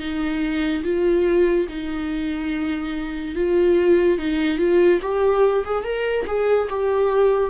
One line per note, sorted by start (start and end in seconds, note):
0.00 0.83 D#4
0.84 1.67 F4
1.69 3.35 D#4
3.35 4.19 F4
4.19 4.58 D#4
4.58 5.00 F4
5.02 5.64 G4
5.65 5.84 G#4
5.84 6.26 A#4
6.27 6.69 G#4
6.70 7.50 G4